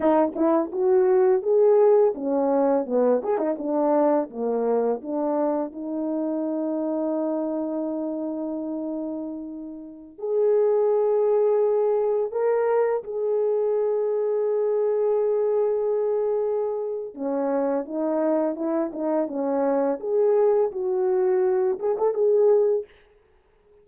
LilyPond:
\new Staff \with { instrumentName = "horn" } { \time 4/4 \tempo 4 = 84 dis'8 e'8 fis'4 gis'4 cis'4 | b8 gis'16 dis'16 d'4 ais4 d'4 | dis'1~ | dis'2~ dis'16 gis'4.~ gis'16~ |
gis'4~ gis'16 ais'4 gis'4.~ gis'16~ | gis'1 | cis'4 dis'4 e'8 dis'8 cis'4 | gis'4 fis'4. gis'16 a'16 gis'4 | }